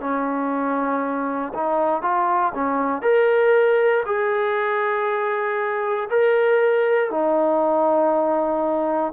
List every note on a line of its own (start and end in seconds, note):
0.00 1.53 C#4
1.53 2.02 D#4
2.02 2.53 F4
2.54 3.01 C#4
3.01 4.03 A#4
4.05 6.09 G#4
6.10 7.10 A#4
7.10 9.12 D#4